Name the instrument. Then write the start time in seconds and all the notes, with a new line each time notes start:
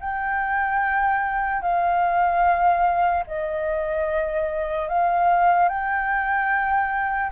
flute
0.00 G5
1.62 F5
3.27 D#5
4.89 F5
5.69 G5